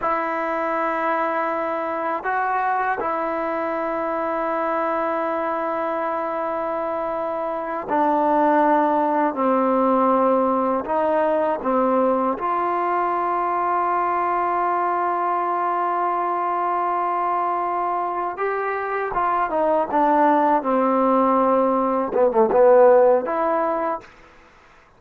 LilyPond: \new Staff \with { instrumentName = "trombone" } { \time 4/4 \tempo 4 = 80 e'2. fis'4 | e'1~ | e'2~ e'8 d'4.~ | d'8 c'2 dis'4 c'8~ |
c'8 f'2.~ f'8~ | f'1~ | f'8 g'4 f'8 dis'8 d'4 c'8~ | c'4. b16 a16 b4 e'4 | }